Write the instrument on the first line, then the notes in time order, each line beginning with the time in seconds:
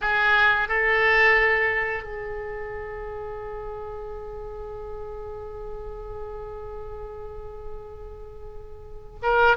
oboe
0.01 G#4
0.68 A4
2.03 G#4
9.22 A#4